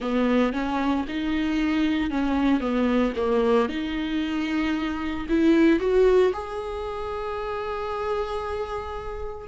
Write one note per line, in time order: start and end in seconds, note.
0.00 0.53 B3
0.53 1.05 C#4
1.08 2.10 D#4
2.10 2.60 C#4
2.60 3.13 B3
3.16 3.68 A#3
3.68 5.26 D#4
5.29 5.79 E4
5.79 6.32 F#4
6.33 9.47 G#4